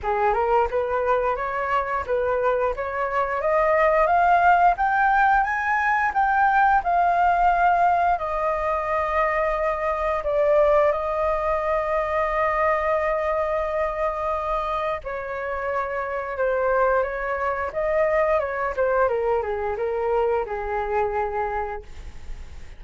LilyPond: \new Staff \with { instrumentName = "flute" } { \time 4/4 \tempo 4 = 88 gis'8 ais'8 b'4 cis''4 b'4 | cis''4 dis''4 f''4 g''4 | gis''4 g''4 f''2 | dis''2. d''4 |
dis''1~ | dis''2 cis''2 | c''4 cis''4 dis''4 cis''8 c''8 | ais'8 gis'8 ais'4 gis'2 | }